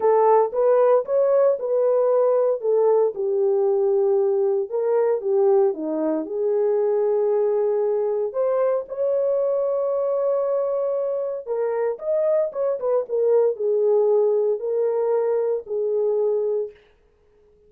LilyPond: \new Staff \with { instrumentName = "horn" } { \time 4/4 \tempo 4 = 115 a'4 b'4 cis''4 b'4~ | b'4 a'4 g'2~ | g'4 ais'4 g'4 dis'4 | gis'1 |
c''4 cis''2.~ | cis''2 ais'4 dis''4 | cis''8 b'8 ais'4 gis'2 | ais'2 gis'2 | }